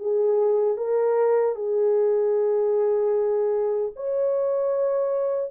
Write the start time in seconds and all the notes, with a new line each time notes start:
0.00 G#4
0.78 A#4
1.56 G#4
3.96 C#5